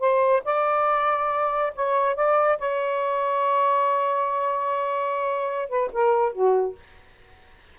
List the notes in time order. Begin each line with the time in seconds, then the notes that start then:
0.00 C5
0.45 D5
1.76 C#5
2.15 D5
2.59 C#5
5.69 B4
5.93 A#4
6.33 F#4